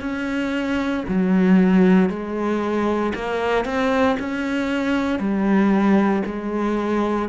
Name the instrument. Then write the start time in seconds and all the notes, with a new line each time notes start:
cello
0.00 C#4
1.08 F#3
2.09 G#3
3.15 A#3
3.65 C4
4.19 C#4
5.19 G3
6.26 G#3